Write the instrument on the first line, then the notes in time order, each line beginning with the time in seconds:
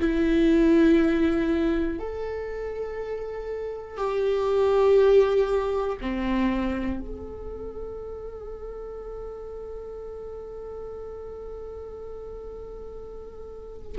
viola
0.00 E4
1.99 A4
3.97 G4
6.01 C4
7.00 A4